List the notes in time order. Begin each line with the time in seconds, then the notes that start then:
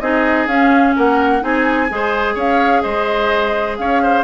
0.00 C4 D#4 G#4 D#5
0.47 C#4 F5
0.96 A#3 A#4 F#5
1.41 C4 D#4 G#4 G#5
1.90 G#3 G#4 C5
2.35 C#4 C#5 F5
2.82 G#3 C5 D#5
3.78 C#4 C#5 F5
4.03 C5